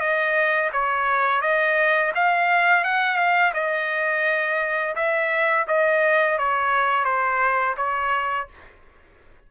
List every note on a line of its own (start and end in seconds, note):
0.00 0.71 D#5
0.73 1.42 C#5
1.42 2.12 D#5
2.15 2.85 F5
2.85 3.17 F#5
3.17 3.53 F5
3.54 4.95 D#5
4.96 5.66 E5
5.68 6.39 D#5
6.39 7.05 C#5
7.05 7.76 C5
7.78 8.48 C#5